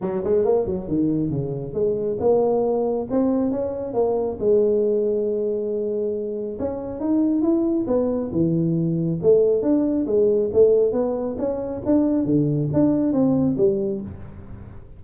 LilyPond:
\new Staff \with { instrumentName = "tuba" } { \time 4/4 \tempo 4 = 137 fis8 gis8 ais8 fis8 dis4 cis4 | gis4 ais2 c'4 | cis'4 ais4 gis2~ | gis2. cis'4 |
dis'4 e'4 b4 e4~ | e4 a4 d'4 gis4 | a4 b4 cis'4 d'4 | d4 d'4 c'4 g4 | }